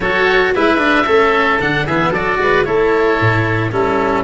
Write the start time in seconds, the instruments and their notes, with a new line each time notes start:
0.00 tuba F#3, cello F#4, oboe A4 C#5
0.55 tuba G#3, cello E4, oboe B4 E5
0.78 cello D4
1.05 tuba A3, cello C#4, oboe A4
1.60 tuba D3, cello D4, oboe F#5
1.85 tuba E3, cello B3, oboe G#4 E5
2.10 tuba F#3, oboe A4 D5
2.16 cello F#4
2.38 tuba G#3, oboe B4
2.64 tuba A3, cello E4, oboe A4 C#5
3.20 tuba A2
3.71 tuba G3, cello C#4, oboe E4 A4